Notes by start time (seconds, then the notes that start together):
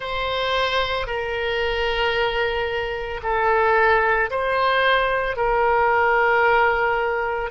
0.00 C5
1.06 A#4
3.22 A4
4.30 C5
5.36 A#4